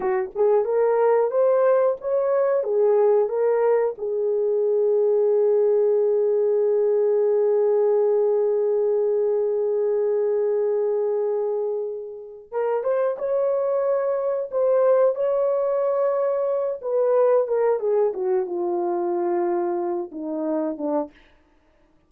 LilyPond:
\new Staff \with { instrumentName = "horn" } { \time 4/4 \tempo 4 = 91 fis'8 gis'8 ais'4 c''4 cis''4 | gis'4 ais'4 gis'2~ | gis'1~ | gis'1~ |
gis'2. ais'8 c''8 | cis''2 c''4 cis''4~ | cis''4. b'4 ais'8 gis'8 fis'8 | f'2~ f'8 dis'4 d'8 | }